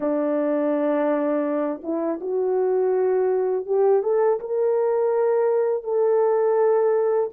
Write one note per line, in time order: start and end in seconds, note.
0.00 1.81 D4
1.83 2.20 E4
2.21 3.66 F#4
3.66 4.02 G4
4.02 4.39 A4
4.40 5.83 A#4
5.83 7.30 A4